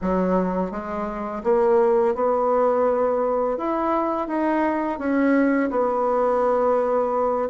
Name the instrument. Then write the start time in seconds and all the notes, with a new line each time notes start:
bassoon
0.01 F#3
0.71 G#3
1.43 A#3
2.14 B3
3.57 E4
4.27 D#4
4.98 C#4
5.70 B3